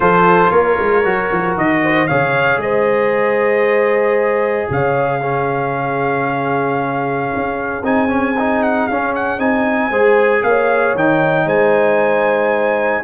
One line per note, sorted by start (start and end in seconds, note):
0.00 0.50 F3
0.00 1.03 F4
0.00 0.51 A4
0.00 0.51 C5
0.51 0.77 A#3
0.51 1.82 A#4
0.51 1.56 C#5
0.78 1.04 G#3
1.04 1.31 F#3
1.04 2.08 F#4
1.32 1.56 F3
1.56 2.08 D#3
1.56 2.07 D#5
1.83 2.08 C5
2.07 2.56 C#3
2.07 5.21 G#4
2.07 2.60 C#5
2.07 2.59 F5
2.56 4.65 G#3
2.56 4.71 C5
2.56 4.70 D#5
4.70 7.31 C#3
4.70 5.21 C#5
4.70 7.85 F5
5.21 7.82 C#4
5.21 9.90 G#4
7.35 7.82 C#4
7.82 8.86 C4
7.82 8.08 D#4
7.82 8.62 G#5
8.08 8.34 C#4
8.38 8.90 D#4
8.62 8.87 F#5
8.87 9.38 C#4
8.87 9.39 C#4
8.87 9.13 F5
9.15 9.39 F#5
9.38 9.90 C4
9.38 9.91 D#4
9.38 10.43 G#5
9.90 10.42 G#3
9.90 10.97 G#4
9.90 10.42 C5
10.43 10.94 A#3
10.43 11.46 C#5
10.43 10.95 F5
10.94 11.46 D#3
10.94 13.03 D#4
10.94 11.48 G5
11.46 13.02 G#3
11.46 13.02 C5
11.46 13.03 G#5